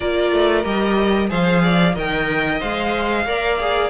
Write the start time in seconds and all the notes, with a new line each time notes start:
0.00 A#3 F4 A#4 D5
0.31 A3
0.63 G3 G4 D#5
1.28 F3 G#4 C5 F5
1.63 D5
1.95 D#3 A#4 D#5 G5
2.60 G#3 C5 F5
3.25 A#3 A#4 D5
3.59 G#4